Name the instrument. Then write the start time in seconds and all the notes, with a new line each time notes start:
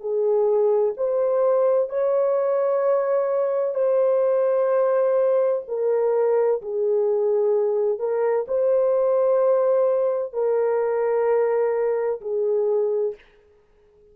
horn
0.00 G#4
0.96 C5
1.89 C#5
3.75 C5
5.68 A#4
6.61 G#4
7.99 A#4
8.48 C5
10.33 A#4
12.21 G#4